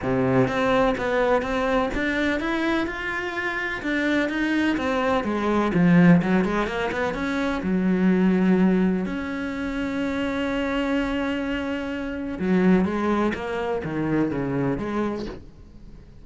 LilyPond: \new Staff \with { instrumentName = "cello" } { \time 4/4 \tempo 4 = 126 c4 c'4 b4 c'4 | d'4 e'4 f'2 | d'4 dis'4 c'4 gis4 | f4 fis8 gis8 ais8 b8 cis'4 |
fis2. cis'4~ | cis'1~ | cis'2 fis4 gis4 | ais4 dis4 cis4 gis4 | }